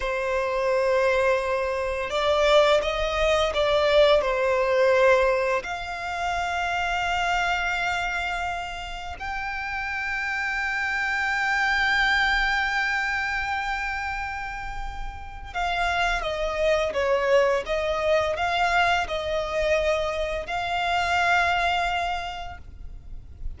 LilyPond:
\new Staff \with { instrumentName = "violin" } { \time 4/4 \tempo 4 = 85 c''2. d''4 | dis''4 d''4 c''2 | f''1~ | f''4 g''2.~ |
g''1~ | g''2 f''4 dis''4 | cis''4 dis''4 f''4 dis''4~ | dis''4 f''2. | }